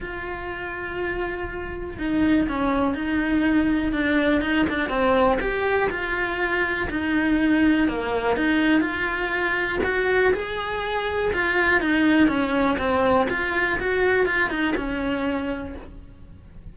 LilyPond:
\new Staff \with { instrumentName = "cello" } { \time 4/4 \tempo 4 = 122 f'1 | dis'4 cis'4 dis'2 | d'4 dis'8 d'8 c'4 g'4 | f'2 dis'2 |
ais4 dis'4 f'2 | fis'4 gis'2 f'4 | dis'4 cis'4 c'4 f'4 | fis'4 f'8 dis'8 cis'2 | }